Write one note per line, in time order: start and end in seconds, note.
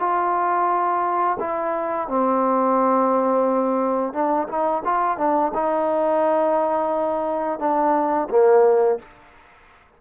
0.00 1.38 F4
1.40 2.08 E4
2.08 4.13 C4
4.13 4.48 D4
4.49 4.83 D#4
4.85 5.18 F4
5.18 5.52 D4
5.54 7.60 D#4
7.60 8.29 D4
8.30 8.99 A#3